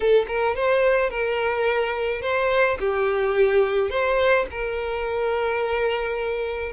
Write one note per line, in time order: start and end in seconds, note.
0.00 0.26 A4
0.27 0.55 A#4
0.55 1.09 C5
1.09 2.21 A#4
2.21 2.78 C5
2.79 3.90 G4
3.90 4.46 C5
4.50 6.72 A#4